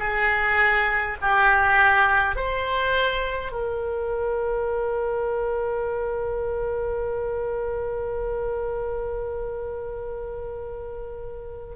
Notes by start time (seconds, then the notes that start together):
0.00 G#4
1.22 G4
2.36 C5
3.52 A#4